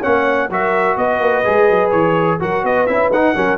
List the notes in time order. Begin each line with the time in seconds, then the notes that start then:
0.00 C#4 C#5 F#5
0.06 A#3
0.50 F#3 F#4 A#4 E5
0.97 B3 B4 D#5
1.20 A#3
1.45 G#3 G#4
1.70 F#3
1.91 E3 C#5
2.40 F#3 F#4 A#4 F#5
2.64 B3 B4 D#5
2.87 C#4 E4 E5
3.09 D#4 F#5
3.36 F#3 C#4 A#4